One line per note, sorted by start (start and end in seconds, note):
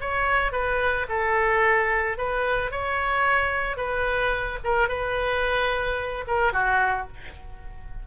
0.00 0.52 C#5
0.52 1.06 B4
1.09 2.17 A4
2.17 2.71 B4
2.71 3.77 C#5
3.77 4.58 B4
4.64 4.88 A#4
4.88 6.25 B4
6.27 6.53 A#4
6.53 7.07 F#4